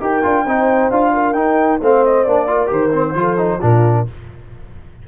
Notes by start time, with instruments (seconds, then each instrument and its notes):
0.00 tuba D#4, trombone G4, horn A#4, flute G5
0.23 tuba D4, trombone F4
0.44 tuba C4, trombone D#4, horn C5
0.90 tuba D4, trombone F4, flute F5
1.13 horn A#4
1.33 tuba D#4, trombone D#4, flute G5
1.80 tuba A3, trombone C4, horn C5, flute F5
2.04 flute D#5
2.24 tuba A#3, trombone D4, flute D5
2.47 trombone F4, horn A#4
2.66 tuba D#3, trombone G4, flute C5
2.92 trombone C4
3.14 tuba F3, trombone F4, horn A4
3.37 trombone D#4
3.58 tuba A#2, trombone D4, horn F4, flute A#4